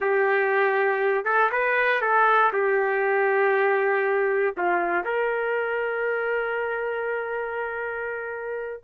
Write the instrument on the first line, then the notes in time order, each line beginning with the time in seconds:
trumpet
0.00 G4
1.24 A4
1.51 B4
2.01 A4
2.53 G4
4.57 F4
5.04 A#4